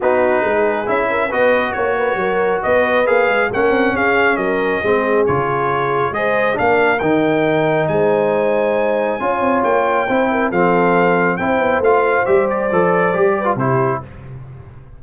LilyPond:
<<
  \new Staff \with { instrumentName = "trumpet" } { \time 4/4 \tempo 4 = 137 b'2 e''4 dis''4 | cis''2 dis''4 f''4 | fis''4 f''4 dis''2 | cis''2 dis''4 f''4 |
g''2 gis''2~ | gis''2 g''2 | f''2 g''4 f''4 | e''8 d''2~ d''8 c''4 | }
  \new Staff \with { instrumentName = "horn" } { \time 4/4 fis'4 gis'4. ais'8 b'4 | cis''8 b'8 ais'4 b'2 | ais'4 gis'4 ais'4 gis'4~ | gis'2 c''4 ais'4~ |
ais'2 c''2~ | c''4 cis''2 c''8 ais'8 | a'2 c''2~ | c''2~ c''8 b'8 g'4 | }
  \new Staff \with { instrumentName = "trombone" } { \time 4/4 dis'2 e'4 fis'4~ | fis'2. gis'4 | cis'2. c'4 | f'2 gis'4 d'4 |
dis'1~ | dis'4 f'2 e'4 | c'2 e'4 f'4 | g'4 a'4 g'8. f'16 e'4 | }
  \new Staff \with { instrumentName = "tuba" } { \time 4/4 b4 gis4 cis'4 b4 | ais4 fis4 b4 ais8 gis8 | ais8 c'8 cis'4 fis4 gis4 | cis2 gis4 ais4 |
dis2 gis2~ | gis4 cis'8 c'8 ais4 c'4 | f2 c'8 b8 a4 | g4 f4 g4 c4 | }
>>